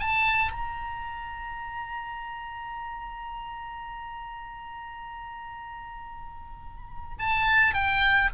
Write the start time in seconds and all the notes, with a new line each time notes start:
0.00 A5
0.52 A#5
7.19 A5
7.74 G5